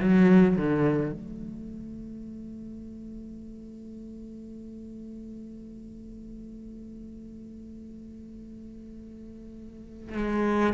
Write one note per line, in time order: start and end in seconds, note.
0.00 0.57 F#3
0.57 1.12 D3
1.12 10.17 A3
10.17 10.73 G#3